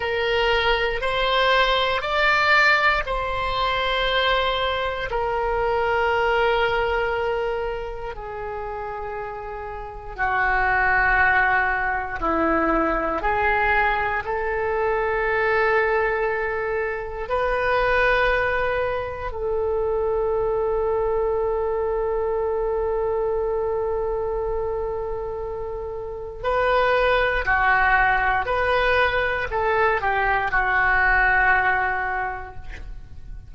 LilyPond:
\new Staff \with { instrumentName = "oboe" } { \time 4/4 \tempo 4 = 59 ais'4 c''4 d''4 c''4~ | c''4 ais'2. | gis'2 fis'2 | e'4 gis'4 a'2~ |
a'4 b'2 a'4~ | a'1~ | a'2 b'4 fis'4 | b'4 a'8 g'8 fis'2 | }